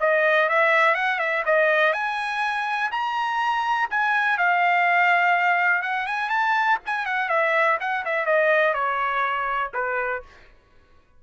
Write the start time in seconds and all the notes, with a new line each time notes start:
0.00 D#5
0.49 E5
0.94 F#5
1.19 E5
1.45 D#5
1.92 G#5
2.91 A#5
3.90 G#5
4.37 F5
5.82 F#5
6.06 G#5
6.29 A5
6.85 G#5
7.05 F#5
7.29 E5
7.80 F#5
8.05 E5
8.25 D#5
8.74 C#5
9.74 B4